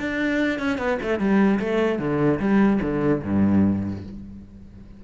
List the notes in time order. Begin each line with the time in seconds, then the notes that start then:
0.00 D4
0.59 C#4
0.78 B3
1.03 A3
1.19 G3
1.60 A3
1.99 D3
2.40 G3
2.82 D3
3.23 G2